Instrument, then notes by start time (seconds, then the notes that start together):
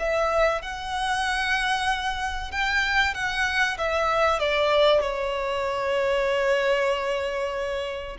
violin
0.00 E5
0.62 F#5
2.52 G5
3.15 F#5
3.78 E5
4.40 D5
5.02 C#5